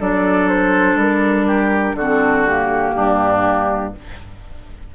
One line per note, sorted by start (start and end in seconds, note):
0.00 0.96 F#3
0.00 1.97 D4
0.00 1.47 A4
0.00 0.49 D5
0.49 0.98 C5
0.96 1.94 G3
0.96 1.98 A#4
1.47 1.96 G4
1.94 2.92 D3
1.94 2.48 C4
1.94 2.95 F#4
1.94 2.47 A4
2.47 3.95 A#3
2.47 3.94 G4
2.95 3.95 G2
2.95 3.94 D4